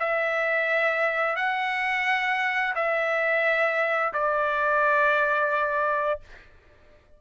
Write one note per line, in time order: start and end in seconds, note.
0.00 1.36 E5
1.36 2.74 F#5
2.76 4.13 E5
4.13 6.20 D5